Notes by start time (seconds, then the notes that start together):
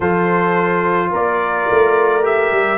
0.00 F3 F4 A4 C5
1.11 A#3 A#4 D5
1.70 A3
2.22 G4 E5
2.51 G3